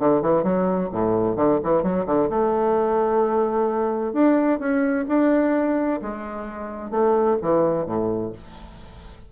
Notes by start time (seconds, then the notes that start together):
0.00 D3
0.22 E3
0.44 F#3
0.93 A2
1.37 D3
1.64 E3
1.83 F#3
2.06 D3
2.30 A3
4.13 D4
4.60 C#4
5.09 D4
6.02 G#3
6.91 A3
7.42 E3
7.87 A2